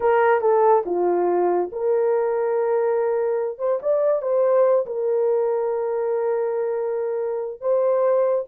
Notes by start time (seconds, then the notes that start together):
0.00 A#4
0.41 A4
0.85 F4
1.72 A#4
3.58 C5
3.81 D5
4.22 C5
4.86 A#4
7.60 C5